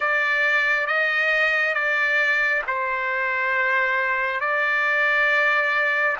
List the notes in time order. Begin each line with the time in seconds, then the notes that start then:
0.00 D5
0.86 D#5
1.74 D5
2.67 C5
4.40 D5